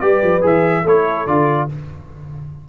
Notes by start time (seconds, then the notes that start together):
0.00 G3 G4 B4 D5
0.22 F3
0.42 E3 G#4 E5
0.83 A3 E4 A4 C#5
1.27 D3 F4 D5